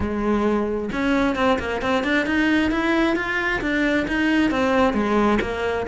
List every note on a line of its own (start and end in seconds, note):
0.00 0.90 G#3
0.92 1.35 C#4
1.35 1.58 C4
1.59 1.81 A#3
1.81 2.03 C4
2.03 2.26 D4
2.26 2.71 D#4
2.71 3.15 E4
3.15 3.60 F4
3.61 4.06 D4
4.07 4.51 D#4
4.51 4.93 C4
4.93 5.38 G#3
5.41 5.86 A#3